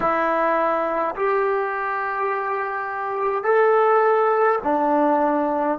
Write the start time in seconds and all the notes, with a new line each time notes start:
0.00 E4
1.15 G4
3.43 A4
4.63 D4